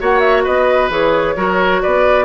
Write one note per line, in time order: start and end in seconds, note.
0.00 0.47 A#3
0.00 0.90 F#4
0.00 0.44 C#5
0.00 0.20 F#5
0.20 0.43 E5
0.44 0.89 B3
0.44 1.35 B4
0.44 0.90 D#5
0.89 1.35 E3
0.89 1.36 G#4
0.89 1.82 C#5
1.36 1.82 F#3
1.36 2.25 F#4
1.36 1.82 A#4
1.82 2.25 B3
1.82 2.25 B4
1.82 2.25 D5